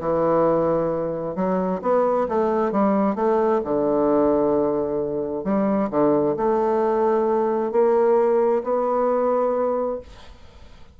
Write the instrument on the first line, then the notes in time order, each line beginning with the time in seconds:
bassoon
0.00 E3
1.35 F#3
1.81 B3
2.28 A3
2.71 G3
3.15 A3
3.64 D3
5.44 G3
5.90 D3
6.36 A3
7.71 A#3
8.63 B3